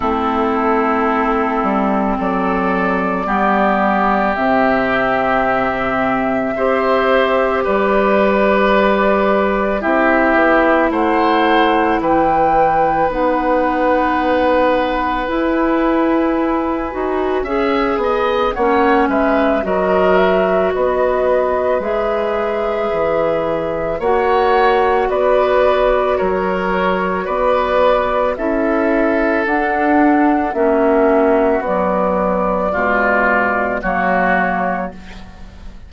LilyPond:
<<
  \new Staff \with { instrumentName = "flute" } { \time 4/4 \tempo 4 = 55 a'2 d''2 | e''2. d''4~ | d''4 e''4 fis''4 g''4 | fis''2 gis''2~ |
gis''4 fis''8 e''8 dis''8 e''8 dis''4 | e''2 fis''4 d''4 | cis''4 d''4 e''4 fis''4 | e''4 d''2 cis''4 | }
  \new Staff \with { instrumentName = "oboe" } { \time 4/4 e'2 a'4 g'4~ | g'2 c''4 b'4~ | b'4 g'4 c''4 b'4~ | b'1 |
e''8 dis''8 cis''8 b'8 ais'4 b'4~ | b'2 cis''4 b'4 | ais'4 b'4 a'2 | fis'2 f'4 fis'4 | }
  \new Staff \with { instrumentName = "clarinet" } { \time 4/4 c'2. b4 | c'2 g'2~ | g'4 e'2. | dis'2 e'4. fis'8 |
gis'4 cis'4 fis'2 | gis'2 fis'2~ | fis'2 e'4 d'4 | cis'4 fis4 gis4 ais4 | }
  \new Staff \with { instrumentName = "bassoon" } { \time 4/4 a4. g8 fis4 g4 | c2 c'4 g4~ | g4 c'8 b8 a4 e4 | b2 e'4. dis'8 |
cis'8 b8 ais8 gis8 fis4 b4 | gis4 e4 ais4 b4 | fis4 b4 cis'4 d'4 | ais4 b4 b,4 fis4 | }
>>